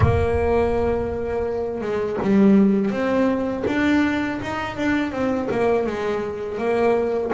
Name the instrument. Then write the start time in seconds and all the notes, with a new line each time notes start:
double bass
0.00 A#3
1.81 G#3
2.22 G3
2.90 C4
3.67 D4
4.42 D#4
4.76 D4
5.12 C4
5.50 A#3
5.86 G#3
6.58 A#3